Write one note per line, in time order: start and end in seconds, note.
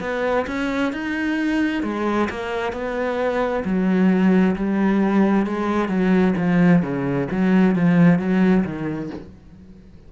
0.00 0.45 B3
0.47 0.92 C#4
0.92 1.83 D#4
1.83 2.29 G#3
2.30 2.72 A#3
2.72 3.63 B3
3.64 4.55 F#3
4.56 5.46 G3
5.46 5.88 G#3
5.88 6.34 F#3
6.37 6.82 F3
6.82 7.28 C#3
7.31 7.75 F#3
7.75 8.19 F3
8.19 8.64 F#3
8.64 9.10 D#3